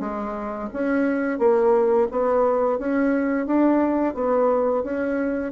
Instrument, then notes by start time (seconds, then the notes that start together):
bassoon
0.00 G#3
0.73 C#4
1.39 A#3
2.11 B3
2.79 C#4
3.46 D4
4.14 B3
4.83 C#4